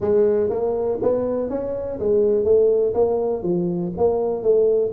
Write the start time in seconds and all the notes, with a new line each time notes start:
0.00 G#3
0.49 A#3
1.01 B3
1.49 C#4
1.99 G#3
2.44 A3
2.94 A#3
3.42 F3
3.97 A#3
4.42 A3